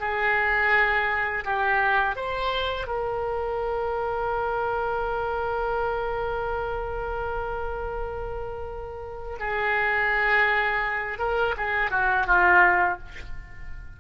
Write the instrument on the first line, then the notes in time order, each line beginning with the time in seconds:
oboe
0.00 G#4
1.45 G4
2.16 C5
2.87 A#4
9.40 G#4
11.19 A#4
11.57 G#4
11.91 F#4
12.27 F4